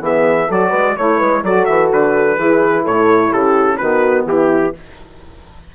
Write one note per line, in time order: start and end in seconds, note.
0.00 0.47 E3
0.00 0.47 B3
0.00 0.48 G#4
0.00 0.51 E5
0.48 0.73 F#3
0.48 0.95 F#4
0.48 0.69 A4
0.48 0.97 D5
0.69 0.96 G#3
0.69 0.93 B4
0.95 1.21 A3
0.95 1.44 E4
0.95 1.18 C#5
0.95 1.44 C#5
1.18 1.42 G#3
1.18 1.42 B4
1.42 1.66 F#3
1.42 2.37 F#4
1.42 2.38 A4
1.42 1.65 D5
1.65 1.91 E3
1.65 1.88 E5
1.91 2.37 D3
1.91 2.85 B4
2.37 2.85 E3
2.37 3.78 E4
2.37 2.83 G#4
2.83 3.32 A2
2.83 3.30 A4
2.83 3.33 C#5
3.30 3.80 C#3
3.30 3.78 G4
3.30 3.77 A4
3.77 4.25 D#3
3.77 4.73 B3
3.77 4.27 F#4
3.77 4.24 B4
4.25 4.72 E3
4.25 4.75 E4
4.25 4.75 G4